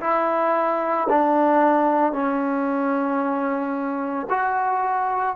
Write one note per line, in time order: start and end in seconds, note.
0.00 1.07 E4
1.09 2.12 D4
2.12 4.26 C#4
4.29 5.35 F#4